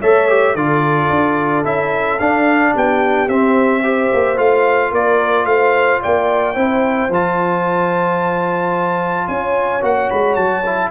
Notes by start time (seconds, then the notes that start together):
0.00 A3 A4 C#5 E5
0.29 G4
0.54 D3 F4 A4 D5
1.10 D4
1.64 C#4 E4 E5
2.19 D4 F5
2.73 B3 G4 G5
3.28 C4 E5
3.83 G4 C5
4.13 A#3
4.37 A3 F4 F5
4.91 A#3 A#4 D5
5.45 A3 C5 F5
6.01 A#3 D5 G5
6.54 C4 E4 C5
7.09 F3 F4 A5
9.28 C#4 C#5 G#5
9.81 A#3 F#4 F#5
10.10 G#3 B5
10.35 F#3 A5
10.66 E4